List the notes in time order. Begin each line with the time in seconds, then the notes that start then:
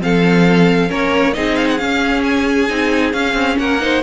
0.00 F3 C4 A4 F5
0.89 A#3 C#4 A#4 C#5
1.34 C4 D#4 G#4 D#5
1.56 F5
1.68 F#5
1.78 C#4 F5
2.24 G#5
2.69 C4 D#4
3.13 C#4 F5
3.34 C4
3.59 A#3 A#4 F#5
3.80 D#4 C5